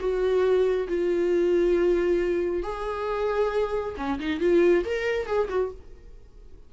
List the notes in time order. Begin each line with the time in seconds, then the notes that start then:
0.00 F#4
0.88 F4
2.63 G#4
3.98 C#4
4.20 D#4
4.41 F4
4.85 A#4
5.27 G#4
5.50 F#4